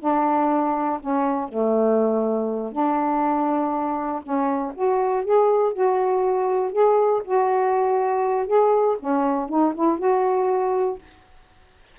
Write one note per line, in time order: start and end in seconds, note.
0.00 1.00 D4
1.00 1.49 C#4
1.49 2.73 A3
2.73 4.22 D4
4.23 4.73 C#4
4.75 5.25 F#4
5.25 5.73 G#4
5.73 6.72 F#4
6.72 7.22 G#4
7.25 8.47 F#4
8.47 8.97 G#4
9.00 9.49 C#4
9.49 9.74 D#4
9.75 9.99 E4
9.99 10.99 F#4